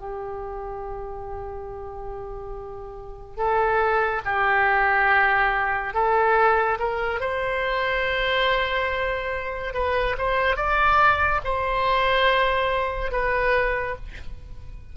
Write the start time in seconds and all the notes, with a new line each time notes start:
0.00 G4
3.37 A4
4.25 G4
5.94 A4
6.80 A#4
7.20 C5
9.74 B4
10.18 C5
10.56 D5
11.45 C5
13.11 B4